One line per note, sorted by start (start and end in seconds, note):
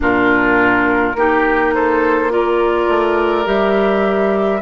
0.00 1.15 A#2
0.00 1.14 D4
0.00 1.17 F4
0.00 1.74 A#4
1.15 2.88 A#3
1.15 2.30 D#4
1.15 1.74 G4
1.74 2.32 A4
1.74 2.31 C5
2.30 3.44 F4
2.30 4.61 A#4
2.30 3.47 D5
2.88 3.46 A3
3.44 4.61 G3
3.44 4.60 G4
3.44 4.61 E5